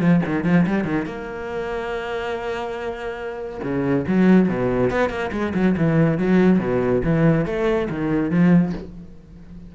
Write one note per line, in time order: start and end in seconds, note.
0.00 0.21 F3
0.26 0.44 D#3
0.44 0.66 F3
0.67 0.84 G3
0.84 1.06 D#3
1.06 3.61 A#3
3.63 4.05 C#3
4.08 4.49 F#3
4.49 4.91 B2
4.91 5.10 B3
5.10 5.31 A#3
5.32 5.53 G#3
5.55 5.76 F#3
5.77 6.18 E3
6.18 6.60 F#3
6.60 7.02 B2
7.04 7.46 E3
7.46 7.88 A3
7.90 8.30 D#3
8.30 8.73 F3